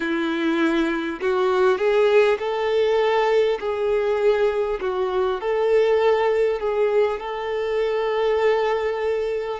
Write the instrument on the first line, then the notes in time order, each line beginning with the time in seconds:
violin
0.00 E4
1.20 F#4
1.78 G#4
2.38 A4
3.60 G#4
4.80 F#4
5.41 A4
6.60 G#4
7.20 A4